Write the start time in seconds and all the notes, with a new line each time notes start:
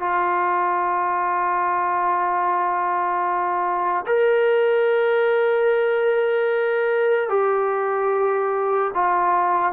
0.00 F4
4.07 A#4
7.29 G4
8.94 F4